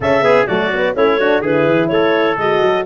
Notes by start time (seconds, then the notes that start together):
0.00 C#3 C#4 A4 E5
0.21 B3 G#4
0.46 F#3 A3 F#4 D5
0.73 B3
0.95 A3 C#4 E4 C#5
1.19 D4 F#4
1.41 D3 E4 G#4 B4
1.65 E3
1.88 A3 A4 C#5
2.37 G#3 F#4 D#5
2.62 F#3